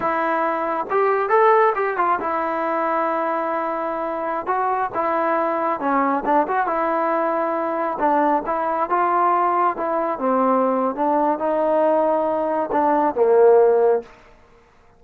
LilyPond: \new Staff \with { instrumentName = "trombone" } { \time 4/4 \tempo 4 = 137 e'2 g'4 a'4 | g'8 f'8 e'2.~ | e'2~ e'16 fis'4 e'8.~ | e'4~ e'16 cis'4 d'8 fis'8 e'8.~ |
e'2~ e'16 d'4 e'8.~ | e'16 f'2 e'4 c'8.~ | c'4 d'4 dis'2~ | dis'4 d'4 ais2 | }